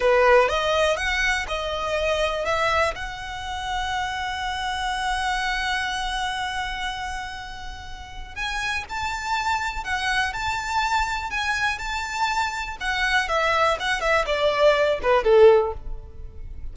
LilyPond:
\new Staff \with { instrumentName = "violin" } { \time 4/4 \tempo 4 = 122 b'4 dis''4 fis''4 dis''4~ | dis''4 e''4 fis''2~ | fis''1~ | fis''1~ |
fis''4 gis''4 a''2 | fis''4 a''2 gis''4 | a''2 fis''4 e''4 | fis''8 e''8 d''4. b'8 a'4 | }